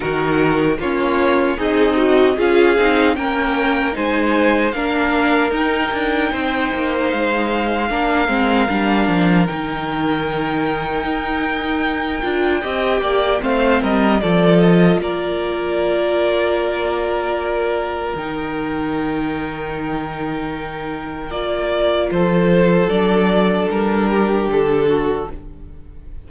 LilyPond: <<
  \new Staff \with { instrumentName = "violin" } { \time 4/4 \tempo 4 = 76 ais'4 cis''4 dis''4 f''4 | g''4 gis''4 f''4 g''4~ | g''4 f''2. | g''1~ |
g''4 f''8 dis''8 d''8 dis''8 d''4~ | d''2. g''4~ | g''2. d''4 | c''4 d''4 ais'4 a'4 | }
  \new Staff \with { instrumentName = "violin" } { \time 4/4 fis'4 f'4 dis'4 gis'4 | ais'4 c''4 ais'2 | c''2 ais'2~ | ais'1 |
dis''8 d''8 c''8 ais'8 a'4 ais'4~ | ais'1~ | ais'1 | a'2~ a'8 g'4 fis'8 | }
  \new Staff \with { instrumentName = "viola" } { \time 4/4 dis'4 cis'4 gis'8 fis'8 f'8 dis'8 | cis'4 dis'4 d'4 dis'4~ | dis'2 d'8 c'8 d'4 | dis'2.~ dis'8 f'8 |
g'4 c'4 f'2~ | f'2. dis'4~ | dis'2. f'4~ | f'4 d'2. | }
  \new Staff \with { instrumentName = "cello" } { \time 4/4 dis4 ais4 c'4 cis'8 c'8 | ais4 gis4 ais4 dis'8 d'8 | c'8 ais8 gis4 ais8 gis8 g8 f8 | dis2 dis'4. d'8 |
c'8 ais8 a8 g8 f4 ais4~ | ais2. dis4~ | dis2. ais4 | f4 fis4 g4 d4 | }
>>